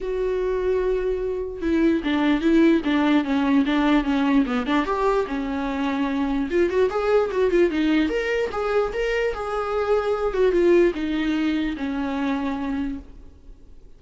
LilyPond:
\new Staff \with { instrumentName = "viola" } { \time 4/4 \tempo 4 = 148 fis'1 | e'4 d'4 e'4 d'4 | cis'4 d'4 cis'4 b8 d'8 | g'4 cis'2. |
f'8 fis'8 gis'4 fis'8 f'8 dis'4 | ais'4 gis'4 ais'4 gis'4~ | gis'4. fis'8 f'4 dis'4~ | dis'4 cis'2. | }